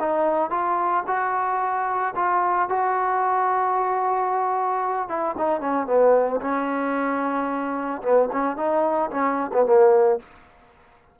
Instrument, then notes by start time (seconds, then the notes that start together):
trombone
0.00 D#4
0.51 F4
1.07 F#4
2.16 F4
2.69 F#4
5.09 E4
5.38 D#4
5.61 C#4
5.87 B3
6.41 C#4
8.02 B3
8.32 C#4
8.57 D#4
9.11 C#4
9.53 B3
9.66 A#3